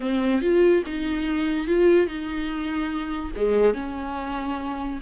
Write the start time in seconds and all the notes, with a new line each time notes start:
0.00 C4
0.41 F4
0.85 D#4
1.67 F4
2.06 D#4
3.36 G#3
3.74 C#4